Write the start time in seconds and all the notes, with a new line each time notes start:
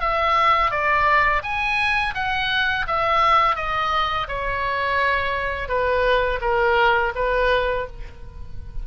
0.00 E5
0.71 D5
1.43 G#5
2.15 F#5
2.87 E5
3.56 D#5
4.28 C#5
5.68 B4
6.41 A#4
7.15 B4